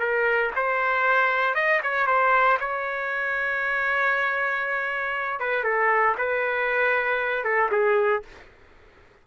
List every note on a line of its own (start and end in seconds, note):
0.00 0.51 A#4
0.56 1.55 C5
1.55 1.81 D#5
1.83 2.07 C#5
2.07 2.58 C5
2.60 5.40 C#5
5.40 5.64 B4
5.64 6.16 A4
6.18 7.45 B4
7.45 7.70 A4
7.72 8.23 G#4